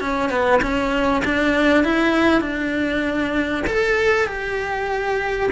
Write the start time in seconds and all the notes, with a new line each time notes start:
0.00 C#4
0.30 B3
0.62 C#4
1.25 D4
1.84 E4
2.41 D4
3.67 A4
4.27 G4